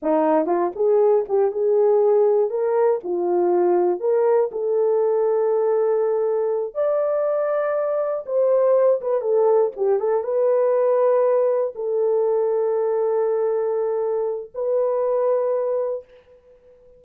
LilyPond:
\new Staff \with { instrumentName = "horn" } { \time 4/4 \tempo 4 = 120 dis'4 f'8 gis'4 g'8 gis'4~ | gis'4 ais'4 f'2 | ais'4 a'2.~ | a'4. d''2~ d''8~ |
d''8 c''4. b'8 a'4 g'8 | a'8 b'2. a'8~ | a'1~ | a'4 b'2. | }